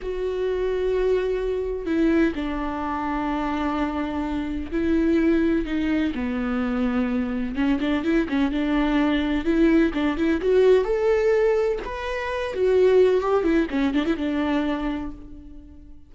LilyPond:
\new Staff \with { instrumentName = "viola" } { \time 4/4 \tempo 4 = 127 fis'1 | e'4 d'2.~ | d'2 e'2 | dis'4 b2. |
cis'8 d'8 e'8 cis'8 d'2 | e'4 d'8 e'8 fis'4 a'4~ | a'4 b'4. fis'4. | g'8 e'8 cis'8 d'16 e'16 d'2 | }